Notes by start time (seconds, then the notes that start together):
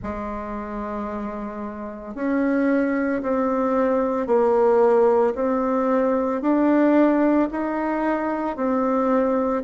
0.02 G#3
2.14 C#4
3.22 C4
4.26 A#3
5.34 C4
6.41 D4
7.51 D#4
8.56 C4